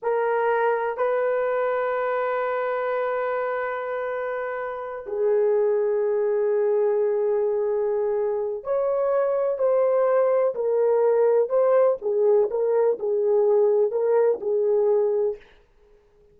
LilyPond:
\new Staff \with { instrumentName = "horn" } { \time 4/4 \tempo 4 = 125 ais'2 b'2~ | b'1~ | b'2~ b'8 gis'4.~ | gis'1~ |
gis'2 cis''2 | c''2 ais'2 | c''4 gis'4 ais'4 gis'4~ | gis'4 ais'4 gis'2 | }